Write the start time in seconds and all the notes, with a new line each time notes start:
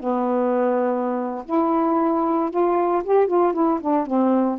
0.00 B3
1.46 E4
2.51 F4
3.05 G4
3.28 F4
3.54 E4
3.81 D4
4.07 C4